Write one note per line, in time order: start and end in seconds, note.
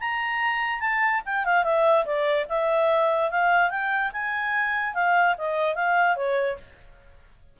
0.00 0.81 A#5
0.81 1.22 A5
1.26 1.45 G5
1.45 1.64 F5
1.64 2.05 E5
2.05 2.47 D5
2.49 3.31 E5
3.31 3.70 F5
3.70 4.12 G5
4.13 4.94 G#5
4.94 5.36 F5
5.38 5.75 D#5
5.75 6.16 F5
6.16 6.58 C#5